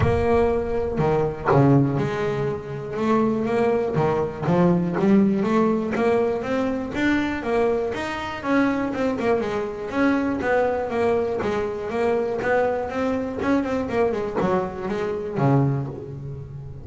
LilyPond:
\new Staff \with { instrumentName = "double bass" } { \time 4/4 \tempo 4 = 121 ais2 dis4 cis4 | gis2 a4 ais4 | dis4 f4 g4 a4 | ais4 c'4 d'4 ais4 |
dis'4 cis'4 c'8 ais8 gis4 | cis'4 b4 ais4 gis4 | ais4 b4 c'4 cis'8 c'8 | ais8 gis8 fis4 gis4 cis4 | }